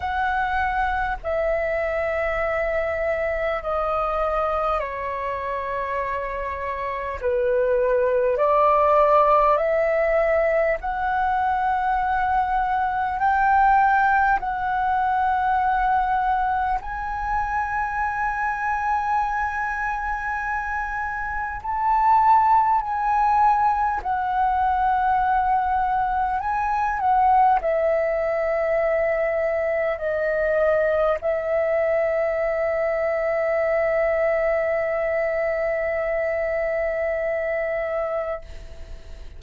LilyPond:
\new Staff \with { instrumentName = "flute" } { \time 4/4 \tempo 4 = 50 fis''4 e''2 dis''4 | cis''2 b'4 d''4 | e''4 fis''2 g''4 | fis''2 gis''2~ |
gis''2 a''4 gis''4 | fis''2 gis''8 fis''8 e''4~ | e''4 dis''4 e''2~ | e''1 | }